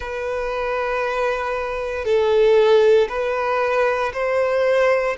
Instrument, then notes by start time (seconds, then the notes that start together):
violin
0.00 B4
2.04 A4
3.08 B4
4.13 C5